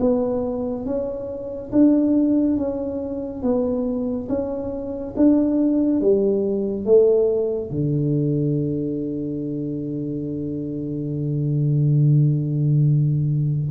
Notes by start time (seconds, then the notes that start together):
0.00 B3
0.85 C#4
1.72 D4
2.58 C#4
3.42 B3
4.29 C#4
5.17 D4
6.01 G3
6.85 A3
7.71 D3